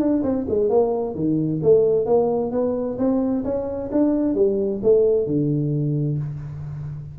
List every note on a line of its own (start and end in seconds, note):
0.00 0.23 D4
0.23 0.46 C4
0.49 0.70 G#3
0.70 1.15 A#3
1.15 1.61 D#3
1.63 2.06 A3
2.06 2.51 A#3
2.51 2.97 B3
2.98 3.44 C4
3.44 3.90 C#4
3.92 4.35 D4
4.35 4.81 G3
4.83 5.27 A3
5.27 6.18 D3